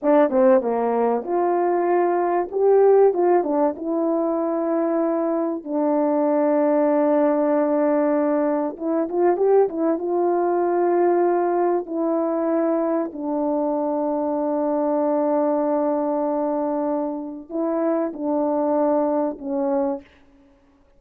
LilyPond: \new Staff \with { instrumentName = "horn" } { \time 4/4 \tempo 4 = 96 d'8 c'8 ais4 f'2 | g'4 f'8 d'8 e'2~ | e'4 d'2.~ | d'2 e'8 f'8 g'8 e'8 |
f'2. e'4~ | e'4 d'2.~ | d'1 | e'4 d'2 cis'4 | }